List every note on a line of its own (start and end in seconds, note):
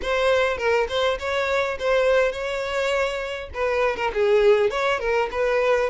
0.02 0.57 C5
0.57 0.87 A#4
0.88 1.18 C5
1.19 1.78 C#5
1.79 2.32 C5
2.32 3.49 C#5
3.53 3.96 B4
3.96 4.11 A#4
4.13 4.70 G#4
4.70 4.99 C#5
4.99 5.29 A#4
5.31 5.90 B4